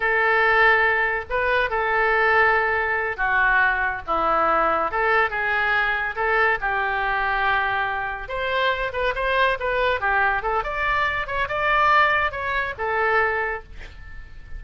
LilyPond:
\new Staff \with { instrumentName = "oboe" } { \time 4/4 \tempo 4 = 141 a'2. b'4 | a'2.~ a'8 fis'8~ | fis'4. e'2 a'8~ | a'8 gis'2 a'4 g'8~ |
g'2.~ g'8 c''8~ | c''4 b'8 c''4 b'4 g'8~ | g'8 a'8 d''4. cis''8 d''4~ | d''4 cis''4 a'2 | }